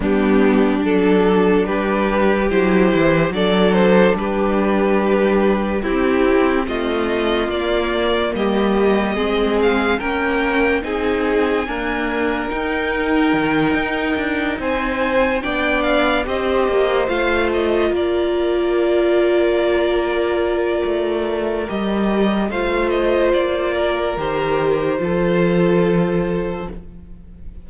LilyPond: <<
  \new Staff \with { instrumentName = "violin" } { \time 4/4 \tempo 4 = 72 g'4 a'4 b'4 c''4 | d''8 c''8 b'2 g'4 | dis''4 d''4 dis''4. f''8 | g''4 gis''2 g''4~ |
g''4. gis''4 g''8 f''8 dis''8~ | dis''8 f''8 dis''8 d''2~ d''8~ | d''2 dis''4 f''8 dis''8 | d''4 c''2. | }
  \new Staff \with { instrumentName = "violin" } { \time 4/4 d'2 g'2 | a'4 g'2 e'4 | f'2 g'4 gis'4 | ais'4 gis'4 ais'2~ |
ais'4. c''4 d''4 c''8~ | c''4. ais'2~ ais'8~ | ais'2. c''4~ | c''8 ais'4. a'2 | }
  \new Staff \with { instrumentName = "viola" } { \time 4/4 b4 d'2 e'4 | d'2. c'4~ | c'4 ais2 c'4 | cis'4 dis'4 ais4 dis'4~ |
dis'2~ dis'8 d'4 g'8~ | g'8 f'2.~ f'8~ | f'2 g'4 f'4~ | f'4 g'4 f'2 | }
  \new Staff \with { instrumentName = "cello" } { \time 4/4 g4 fis4 g4 fis8 e8 | fis4 g2 c'4 | a4 ais4 g4 gis4 | ais4 c'4 d'4 dis'4 |
dis8 dis'8 d'8 c'4 b4 c'8 | ais8 a4 ais2~ ais8~ | ais4 a4 g4 a4 | ais4 dis4 f2 | }
>>